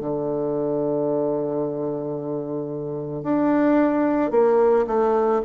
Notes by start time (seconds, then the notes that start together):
0.00 D3
3.23 D4
4.31 A#3
4.87 A3